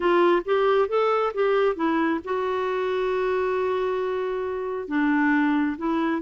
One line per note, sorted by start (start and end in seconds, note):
0.00 0.42 F4
0.45 0.88 G4
0.88 1.33 A4
1.34 1.75 G4
1.75 2.20 E4
2.24 4.87 F#4
4.87 5.76 D4
5.77 6.21 E4